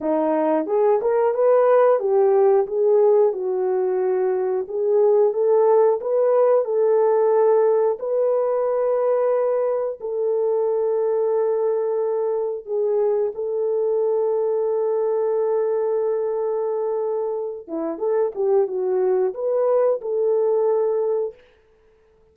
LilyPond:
\new Staff \with { instrumentName = "horn" } { \time 4/4 \tempo 4 = 90 dis'4 gis'8 ais'8 b'4 g'4 | gis'4 fis'2 gis'4 | a'4 b'4 a'2 | b'2. a'4~ |
a'2. gis'4 | a'1~ | a'2~ a'8 e'8 a'8 g'8 | fis'4 b'4 a'2 | }